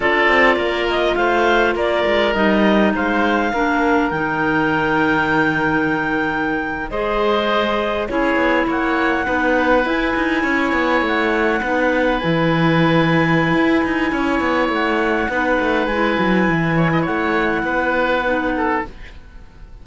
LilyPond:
<<
  \new Staff \with { instrumentName = "clarinet" } { \time 4/4 \tempo 4 = 102 d''4. dis''8 f''4 d''4 | dis''4 f''2 g''4~ | g''2.~ g''8. dis''16~ | dis''4.~ dis''16 cis''4 fis''4~ fis''16~ |
fis''8. gis''2 fis''4~ fis''16~ | fis''8. gis''2.~ gis''16~ | gis''4 fis''2 gis''4~ | gis''4 fis''2. | }
  \new Staff \with { instrumentName = "oboe" } { \time 4/4 a'4 ais'4 c''4 ais'4~ | ais'4 c''4 ais'2~ | ais'2.~ ais'8. c''16~ | c''4.~ c''16 gis'4 cis''4 b'16~ |
b'4.~ b'16 cis''2 b'16~ | b'1 | cis''2 b'2~ | b'8 cis''16 dis''16 cis''4 b'4. a'8 | }
  \new Staff \with { instrumentName = "clarinet" } { \time 4/4 f'1 | dis'2 d'4 dis'4~ | dis'2.~ dis'8. gis'16~ | gis'4.~ gis'16 e'2 dis'16~ |
dis'8. e'2. dis'16~ | dis'8. e'2.~ e'16~ | e'2 dis'4 e'4~ | e'2. dis'4 | }
  \new Staff \with { instrumentName = "cello" } { \time 4/4 d'8 c'8 ais4 a4 ais8 gis8 | g4 gis4 ais4 dis4~ | dis2.~ dis8. gis16~ | gis4.~ gis16 cis'8 b8 ais4 b16~ |
b8. e'8 dis'8 cis'8 b8 a4 b16~ | b8. e2~ e16 e'8 dis'8 | cis'8 b8 a4 b8 a8 gis8 fis8 | e4 a4 b2 | }
>>